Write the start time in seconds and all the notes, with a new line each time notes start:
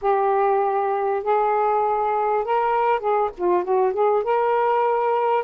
0.01 G4
1.23 G#4
2.44 A#4
2.99 G#4
3.37 F4
3.64 F#4
3.93 G#4
4.23 A#4